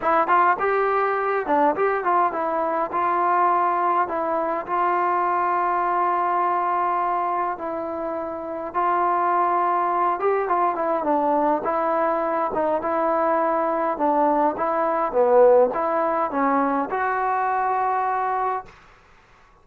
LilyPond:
\new Staff \with { instrumentName = "trombone" } { \time 4/4 \tempo 4 = 103 e'8 f'8 g'4. d'8 g'8 f'8 | e'4 f'2 e'4 | f'1~ | f'4 e'2 f'4~ |
f'4. g'8 f'8 e'8 d'4 | e'4. dis'8 e'2 | d'4 e'4 b4 e'4 | cis'4 fis'2. | }